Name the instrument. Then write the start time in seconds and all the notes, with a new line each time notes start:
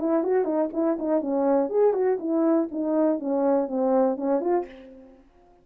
horn
0.00 E4
0.24 F#4
0.45 D#4
0.74 E4
0.99 D#4
1.21 C#4
1.70 G#4
1.94 F#4
2.20 E4
2.72 D#4
3.20 C#4
3.68 C4
4.17 C#4
4.41 F4